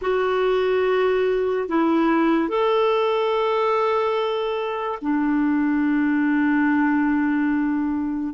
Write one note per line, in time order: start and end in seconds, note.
0.01 1.68 F#4
1.68 2.48 E4
2.48 4.98 A4
5.02 8.34 D4